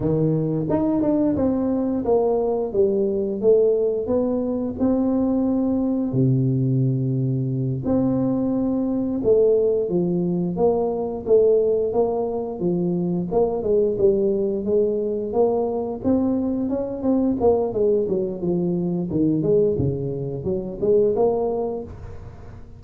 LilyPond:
\new Staff \with { instrumentName = "tuba" } { \time 4/4 \tempo 4 = 88 dis4 dis'8 d'8 c'4 ais4 | g4 a4 b4 c'4~ | c'4 c2~ c8 c'8~ | c'4. a4 f4 ais8~ |
ais8 a4 ais4 f4 ais8 | gis8 g4 gis4 ais4 c'8~ | c'8 cis'8 c'8 ais8 gis8 fis8 f4 | dis8 gis8 cis4 fis8 gis8 ais4 | }